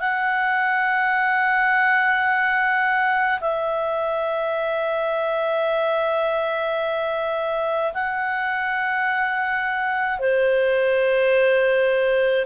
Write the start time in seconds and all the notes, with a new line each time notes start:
0.00 F#5
3.41 E5
7.93 F#5
10.19 C5